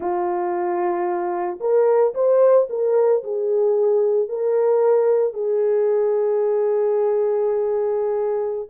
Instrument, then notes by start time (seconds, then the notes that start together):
horn
0.00 F4
1.60 A#4
2.14 C5
2.69 A#4
3.23 G#4
4.29 A#4
5.33 G#4